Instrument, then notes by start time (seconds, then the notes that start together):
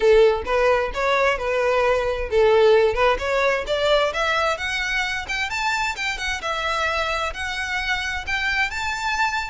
violin
0.00 A4
0.45 B4
0.93 C#5
1.38 B4
2.30 A4
2.94 B4
3.18 C#5
3.66 D5
4.13 E5
4.57 F#5
5.28 G5
5.50 A5
5.95 G5
6.18 F#5
6.41 E5
7.33 F#5
8.27 G5
8.70 A5